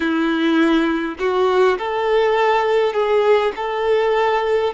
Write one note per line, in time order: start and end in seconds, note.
0.00 1.15 E4
1.19 1.78 F#4
1.78 2.93 A4
2.93 3.51 G#4
3.56 4.73 A4